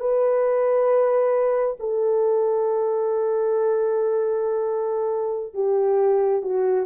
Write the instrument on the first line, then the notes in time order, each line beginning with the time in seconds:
horn
0.00 B4
1.79 A4
5.53 G4
6.42 F#4